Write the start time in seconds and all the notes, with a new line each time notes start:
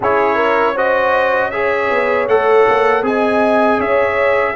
0.00 C#4 E4 G#4 C#5
0.35 A#4
0.74 F#4 C5 D#5
1.50 G#4 C#5 E5
1.90 B3
2.27 A3 A4 F#5
2.68 A#3
3.02 C4 G#4 D#5 G#5
3.78 C#4 C#5 E5